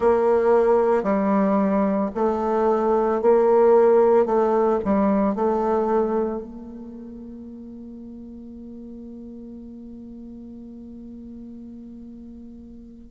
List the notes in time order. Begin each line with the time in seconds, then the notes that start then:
0.00 A#3
1.03 G3
2.14 A3
3.21 A#3
4.25 A3
4.84 G3
5.35 A3
6.41 A#3